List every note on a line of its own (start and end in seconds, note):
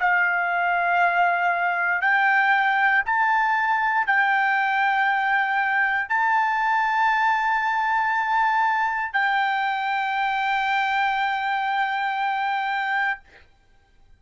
0.00 2.02 F5
2.02 3.03 G5
3.06 4.07 A5
4.07 6.10 G5
6.10 9.13 A5
9.13 13.20 G5